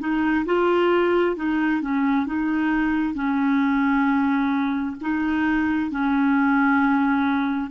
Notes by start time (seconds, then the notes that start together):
0.00 D#4
0.46 F4
1.36 D#4
1.82 C#4
2.27 D#4
3.14 C#4
5.02 D#4
5.91 C#4